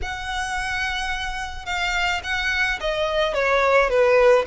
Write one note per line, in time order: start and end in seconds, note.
0.02 1.65 F#5
1.65 2.21 F5
2.23 2.79 F#5
2.80 3.34 D#5
3.34 3.89 C#5
3.89 4.45 B4